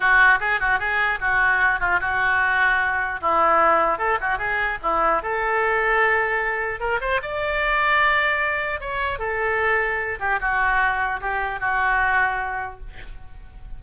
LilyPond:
\new Staff \with { instrumentName = "oboe" } { \time 4/4 \tempo 4 = 150 fis'4 gis'8 fis'8 gis'4 fis'4~ | fis'8 f'8 fis'2. | e'2 a'8 fis'8 gis'4 | e'4 a'2.~ |
a'4 ais'8 c''8 d''2~ | d''2 cis''4 a'4~ | a'4. g'8 fis'2 | g'4 fis'2. | }